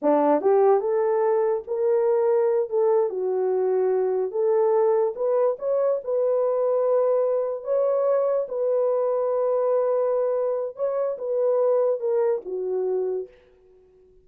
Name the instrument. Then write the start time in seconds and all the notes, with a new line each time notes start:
horn
0.02 D4
0.41 G4
0.80 A4
1.67 A#4
2.69 A4
3.09 F#4
4.31 A4
5.15 B4
5.59 C#5
6.03 B4
7.64 C#5
8.48 B4
10.76 C#5
11.18 B4
12.00 A#4
12.45 F#4